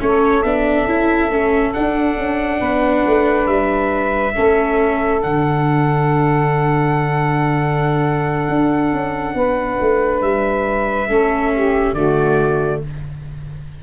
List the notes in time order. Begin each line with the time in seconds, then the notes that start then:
0.00 A3 C#4 A4 C#5
0.43 B3 D4 E5
0.86 C#4 E4
1.29 A3 C#4
1.74 D4 F#5
2.17 C#4
2.60 B3 B4
3.06 A3
3.47 G3 E5
4.34 A3 C#4 A4
5.21 D3 D4 F#5
8.49 D4
8.93 C#4
9.35 B3 B4
9.81 A3
10.22 G3 E5
11.08 A3 C#4 A4
11.54 G4
11.94 D3 A3 F#4 D5